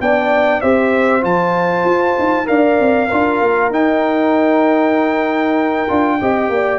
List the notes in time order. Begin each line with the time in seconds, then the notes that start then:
0.00 B3 D4 D5 G5
0.61 C4 G4 C5 E5
1.21 F3 F4 A5
1.84 F4
2.18 D#4
2.45 D4 A#4 D5 F5
2.79 C4
3.08 D4 F4 A#4
3.40 A#3
3.70 D#4 G5
5.88 D4 F4
6.20 C4 G4 D#5
6.49 A#3 D5